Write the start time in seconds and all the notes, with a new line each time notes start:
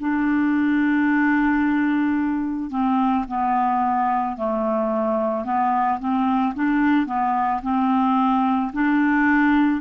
0.00 D4
2.71 C4
3.28 B3
4.37 A3
5.45 B3
6.00 C4
6.55 D4
7.07 B3
7.63 C4
8.73 D4